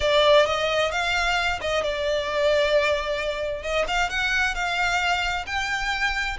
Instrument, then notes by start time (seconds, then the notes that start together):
violin
0.00 D5
0.46 D#5
0.91 F5
1.61 D#5
1.83 D5
3.62 D#5
3.87 F5
4.09 F#5
4.54 F5
5.46 G5